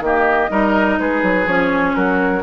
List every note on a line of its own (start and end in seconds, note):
0.00 0.48 D#3
0.00 0.50 A#3
0.00 0.51 G4
0.00 1.00 D#5
0.50 0.99 G3
0.50 1.46 D#4
0.50 0.99 A#4
1.00 1.23 G#3
1.00 1.96 G#4
1.00 1.47 B4
1.23 1.46 F#3
1.46 1.94 F3
1.46 2.43 C#4
1.46 1.95 C#5
1.95 2.43 F#3
1.95 2.43 F#4
1.95 2.43 A#4